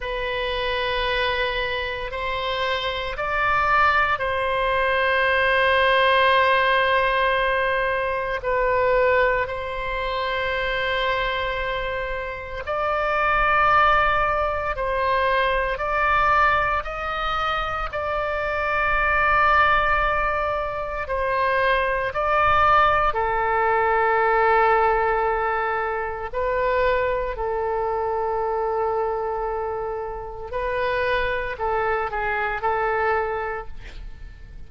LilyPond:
\new Staff \with { instrumentName = "oboe" } { \time 4/4 \tempo 4 = 57 b'2 c''4 d''4 | c''1 | b'4 c''2. | d''2 c''4 d''4 |
dis''4 d''2. | c''4 d''4 a'2~ | a'4 b'4 a'2~ | a'4 b'4 a'8 gis'8 a'4 | }